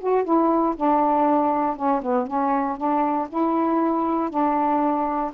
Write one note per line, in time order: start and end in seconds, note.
0.00 0.24 F#4
0.24 0.75 E4
0.76 1.76 D4
1.76 2.01 C#4
2.02 2.27 B3
2.27 2.77 C#4
2.77 3.28 D4
3.29 4.29 E4
4.29 5.31 D4